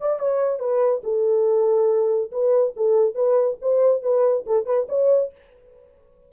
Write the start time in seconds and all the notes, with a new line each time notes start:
0.00 D5
0.19 C#5
0.59 B4
1.03 A4
2.31 B4
2.76 A4
3.15 B4
3.62 C5
4.02 B4
4.46 A4
4.65 B4
4.89 C#5